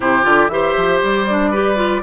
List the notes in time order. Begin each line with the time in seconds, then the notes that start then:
0.00 C3 E4 G4 C5
0.23 D3 F4 D5
0.48 E3 G4 C5 E5
0.76 F3
1.02 G3 D5
1.29 D4
1.50 G4 B4
1.75 F4